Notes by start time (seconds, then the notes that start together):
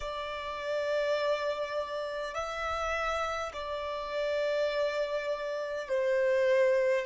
0.00 D5
2.34 E5
3.53 D5
5.88 C5